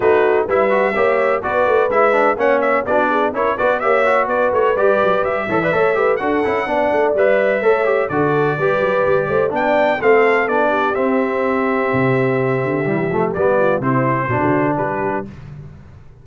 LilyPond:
<<
  \new Staff \with { instrumentName = "trumpet" } { \time 4/4 \tempo 4 = 126 b'4 e''2 d''4 | e''4 fis''8 e''8 d''4 cis''8 d''8 | e''4 d''8 cis''8 d''4 e''4~ | e''4 fis''2 e''4~ |
e''4 d''2. | g''4 f''4 d''4 e''4~ | e''1 | d''4 c''2 b'4 | }
  \new Staff \with { instrumentName = "horn" } { \time 4/4 fis'4 b'4 cis''4 b'4~ | b'4 cis''4 fis'8 gis'8 ais'8 b'8 | cis''4 b'2~ b'8 cis''16 d''16 | cis''8 b'8 a'4 d''2 |
cis''4 a'4 b'4. c''8 | d''4 a'4. g'4.~ | g'1~ | g'8 f'8 e'4 fis'4 g'4 | }
  \new Staff \with { instrumentName = "trombone" } { \time 4/4 dis'4 e'8 fis'8 g'4 fis'4 | e'8 d'8 cis'4 d'4 e'8 fis'8 | g'8 fis'4. g'4. a'16 b'16 | a'8 g'8 fis'8 e'8 d'4 b'4 |
a'8 g'8 fis'4 g'2 | d'4 c'4 d'4 c'4~ | c'2. g8 a8 | b4 c'4 d'2 | }
  \new Staff \with { instrumentName = "tuba" } { \time 4/4 a4 g4 ais4 b8 a8 | gis4 ais4 b4 cis'8 b8 | ais4 b8 a8 g8 fis8 g8 e8 | a4 d'8 cis'8 b8 a8 g4 |
a4 d4 g8 fis8 g8 a8 | b4 a4 b4 c'4~ | c'4 c4. d8 e8 f8 | g4 c4 b,16 d8. g4 | }
>>